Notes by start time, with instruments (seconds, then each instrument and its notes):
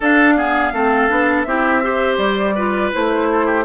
0.00 bassoon D4, clarinet D4, oboe A4, flute F5
0.36 clarinet B3, oboe G#4
0.72 bassoon A3, clarinet C4, oboe A4
1.09 bassoon B3, clarinet D4
1.43 bassoon C4, clarinet E4, oboe G4, flute E5
1.82 clarinet G4, oboe C5
2.17 bassoon G3, flute D5
2.55 clarinet F4, oboe B4
2.92 bassoon A3, clarinet E4, flute C5
3.32 oboe A4
3.45 oboe G4